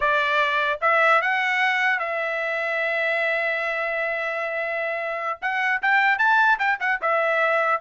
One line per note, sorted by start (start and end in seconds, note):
0.00 0.79 D5
0.81 1.21 E5
1.21 1.99 F#5
1.99 5.39 E5
5.41 5.81 F#5
5.82 6.18 G5
6.18 6.58 A5
6.59 6.79 G5
6.79 6.99 F#5
7.01 7.81 E5